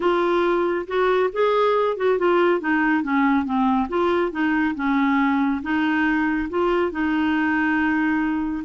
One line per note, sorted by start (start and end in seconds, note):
0.00 0.86 F4
0.87 1.30 F#4
1.32 1.96 G#4
1.96 2.18 F#4
2.18 2.60 F4
2.60 3.03 D#4
3.03 3.45 C#4
3.45 3.88 C4
3.88 4.31 F4
4.31 4.74 D#4
4.75 5.61 C#4
5.62 6.48 D#4
6.49 6.91 F4
6.91 8.64 D#4